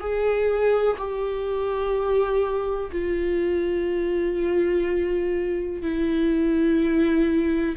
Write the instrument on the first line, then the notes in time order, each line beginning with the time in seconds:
viola
0.00 G#4
0.97 G4
2.91 F4
5.82 E4